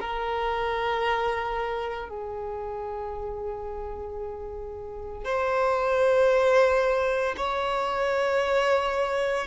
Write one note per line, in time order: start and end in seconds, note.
0.00 2.09 A#4
2.09 5.24 G#4
5.24 7.35 C5
7.37 9.47 C#5